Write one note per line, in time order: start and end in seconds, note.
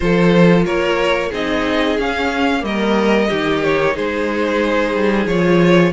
0.00 0.65 F3
0.00 1.32 F4
0.00 0.65 A4
0.00 0.63 C5
0.65 1.31 A#3
0.65 1.29 A#4
0.65 1.31 C#5
1.29 1.98 C4
1.29 1.98 D#4
1.29 2.61 G#4
1.29 1.99 D#5
1.98 2.60 C#4
1.98 2.63 C#4
1.98 2.64 F5
2.60 3.29 G3
2.60 3.26 A#3
2.60 3.63 D#5
2.66 3.28 A#4
3.28 3.96 D#3
3.28 5.28 D#4
3.28 3.94 G4
3.63 3.96 C#5
3.94 4.94 G#3
3.94 5.92 G#4
3.94 5.27 C5
4.94 5.26 G3
5.26 5.91 F3
5.26 5.92 F4
5.26 5.92 C#5